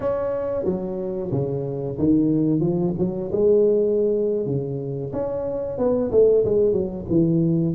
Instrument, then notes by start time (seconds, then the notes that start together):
tuba
0.00 C#4
0.64 F#3
1.31 C#3
1.98 D#3
2.60 F3
2.98 F#3
3.31 G#3
4.46 C#3
5.12 C#4
5.78 B3
6.11 A3
6.44 G#3
6.72 F#3
7.09 E3